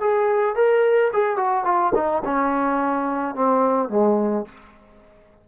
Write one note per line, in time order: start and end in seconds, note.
0.00 0.55 G#4
0.55 1.11 A#4
1.13 1.36 G#4
1.36 1.64 F#4
1.64 1.92 F4
1.94 2.23 D#4
2.25 3.35 C#4
3.35 3.89 C4
3.89 4.45 G#3